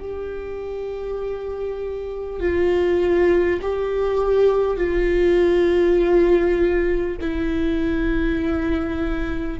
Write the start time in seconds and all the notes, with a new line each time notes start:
0.00 G4
2.40 F4
3.62 G4
4.77 F4
7.21 E4